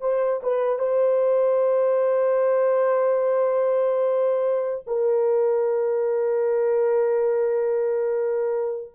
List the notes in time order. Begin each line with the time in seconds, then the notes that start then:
0.00 C5
0.42 B4
0.79 C5
4.87 A#4